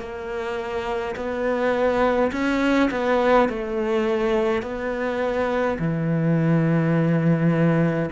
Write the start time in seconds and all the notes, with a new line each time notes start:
0.00 A#3
1.16 B3
2.32 C#4
2.91 B3
3.49 A3
4.63 B3
5.79 E3